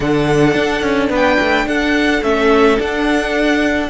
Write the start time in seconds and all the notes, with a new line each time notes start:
0.00 D3 D4 A4 F#5
0.54 D4
0.81 C#4
1.09 B3 B4 G5
1.40 A3
1.66 D4 A4 F#5
2.22 A3 C#4 E5
2.77 D4 F#5